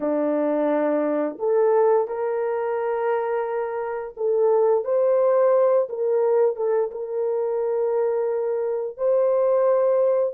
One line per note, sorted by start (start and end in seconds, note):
0.00 1.37 D4
1.39 2.07 A4
2.07 4.14 A#4
4.16 4.84 A4
4.84 5.87 C5
5.89 6.55 A#4
6.55 6.90 A4
6.91 8.97 A#4
8.97 10.34 C5